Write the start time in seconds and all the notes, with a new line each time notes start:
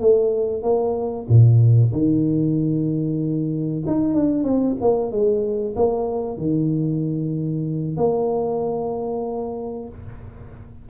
0.00 A3
0.63 A#3
1.29 A#2
1.92 D#3
3.87 D#4
4.14 D4
4.44 C4
4.81 A#3
5.11 G#3
5.76 A#3
6.37 D#3
7.97 A#3